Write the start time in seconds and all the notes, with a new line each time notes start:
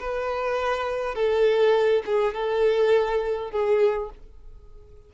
0.00 B4
1.15 A4
2.06 G#4
2.34 A4
3.51 G#4